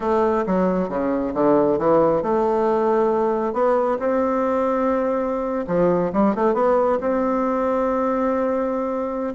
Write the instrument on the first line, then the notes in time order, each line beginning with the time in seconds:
bassoon
0.00 A3
0.46 F#3
0.88 C#3
1.34 D3
1.78 E3
2.22 A3
3.53 B3
3.99 C4
5.67 F3
6.13 G3
6.35 A3
6.54 B3
7.00 C4